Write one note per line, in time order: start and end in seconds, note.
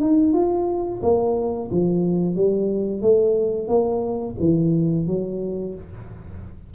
0.00 0.33 D#4
0.33 1.01 F4
1.02 1.69 A#3
1.71 2.35 F3
2.35 3.01 G3
3.01 3.68 A3
3.68 4.35 A#3
4.39 5.07 E3
5.07 5.74 F#3